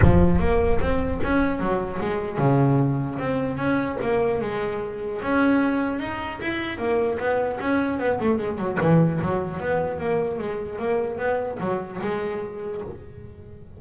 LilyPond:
\new Staff \with { instrumentName = "double bass" } { \time 4/4 \tempo 4 = 150 f4 ais4 c'4 cis'4 | fis4 gis4 cis2 | c'4 cis'4 ais4 gis4~ | gis4 cis'2 dis'4 |
e'4 ais4 b4 cis'4 | b8 a8 gis8 fis8 e4 fis4 | b4 ais4 gis4 ais4 | b4 fis4 gis2 | }